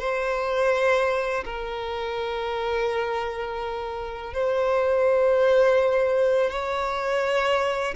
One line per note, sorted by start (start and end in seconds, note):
0.00 1.45 C5
1.45 4.34 A#4
4.34 6.50 C5
6.50 7.95 C#5